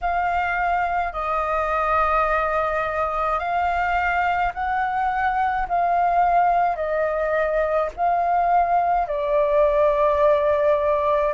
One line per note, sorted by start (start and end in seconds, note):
0.01 1.12 F5
1.12 3.39 D#5
3.39 4.52 F5
4.53 5.67 F#5
5.68 6.76 F5
6.76 7.89 D#5
7.96 9.07 F5
9.07 11.33 D5